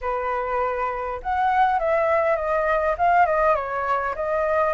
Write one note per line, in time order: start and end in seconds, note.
0.01 1.20 B4
1.22 1.79 F#5
1.79 2.36 E5
2.36 2.95 D#5
2.97 3.25 F5
3.25 3.55 D#5
3.55 4.14 C#5
4.15 4.74 D#5